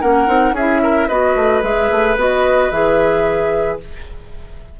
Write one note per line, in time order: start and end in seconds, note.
0.00 0.27 A#3
0.00 0.27 C#4
0.00 0.54 A#4
0.00 0.55 F#5
0.27 0.52 C4
0.27 0.54 D#4
0.52 1.06 C#4
0.52 0.81 G#4
0.52 1.08 E5
0.58 1.09 E4
0.82 1.08 A#4
1.08 1.35 B3
1.08 1.62 F#4
1.08 3.78 B4
1.08 1.62 D#5
1.35 1.62 A3
1.62 1.90 G#3
1.62 2.16 G#4
1.62 2.17 E5
1.91 2.16 A3
2.16 2.70 B3
2.16 2.72 F#4
2.16 2.70 D#5
2.70 3.80 E3
2.70 3.80 G#4
2.70 3.79 E5